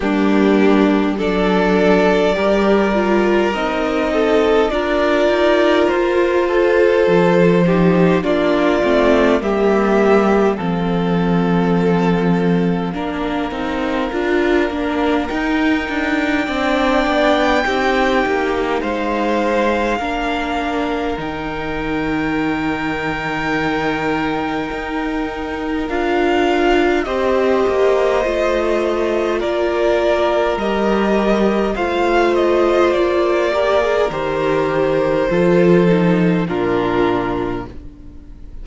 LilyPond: <<
  \new Staff \with { instrumentName = "violin" } { \time 4/4 \tempo 4 = 51 g'4 d''2 dis''4 | d''4 c''2 d''4 | e''4 f''2.~ | f''4 g''2. |
f''2 g''2~ | g''2 f''4 dis''4~ | dis''4 d''4 dis''4 f''8 dis''8 | d''4 c''2 ais'4 | }
  \new Staff \with { instrumentName = "violin" } { \time 4/4 d'4 a'4 ais'4. a'8 | ais'4. a'4 g'8 f'4 | g'4 a'2 ais'4~ | ais'2 d''4 g'4 |
c''4 ais'2.~ | ais'2. c''4~ | c''4 ais'2 c''4~ | c''8 ais'4. a'4 f'4 | }
  \new Staff \with { instrumentName = "viola" } { \time 4/4 ais4 d'4 g'8 f'8 dis'4 | f'2~ f'8 dis'8 d'8 c'8 | ais4 c'2 d'8 dis'8 | f'8 d'8 dis'4 d'4 dis'4~ |
dis'4 d'4 dis'2~ | dis'2 f'4 g'4 | f'2 g'4 f'4~ | f'8 g'16 gis'16 g'4 f'8 dis'8 d'4 | }
  \new Staff \with { instrumentName = "cello" } { \time 4/4 g4 fis4 g4 c'4 | d'8 dis'8 f'4 f4 ais8 a8 | g4 f2 ais8 c'8 | d'8 ais8 dis'8 d'8 c'8 b8 c'8 ais8 |
gis4 ais4 dis2~ | dis4 dis'4 d'4 c'8 ais8 | a4 ais4 g4 a4 | ais4 dis4 f4 ais,4 | }
>>